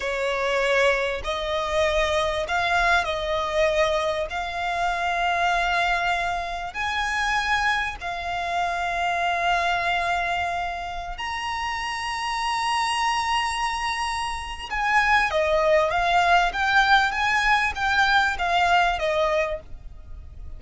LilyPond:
\new Staff \with { instrumentName = "violin" } { \time 4/4 \tempo 4 = 98 cis''2 dis''2 | f''4 dis''2 f''4~ | f''2. gis''4~ | gis''4 f''2.~ |
f''2~ f''16 ais''4.~ ais''16~ | ais''1 | gis''4 dis''4 f''4 g''4 | gis''4 g''4 f''4 dis''4 | }